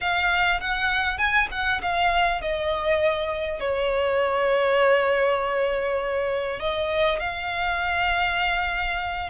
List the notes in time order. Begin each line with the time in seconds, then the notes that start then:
0.00 F5
0.60 F#5
1.18 G#5
1.51 F#5
1.82 F5
2.41 D#5
3.60 C#5
6.59 D#5
7.19 F5